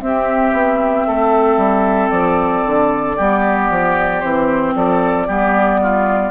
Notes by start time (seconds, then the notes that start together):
0.00 C4 G4 E5
0.52 B3
1.07 A3 A4
1.57 G3
2.10 F3 D5
2.66 D3
3.16 G3 B3 G4
3.70 F3
4.20 E3 C4 C5
4.75 F3 A4 D5
5.27 G3 B3 G4
5.82 F4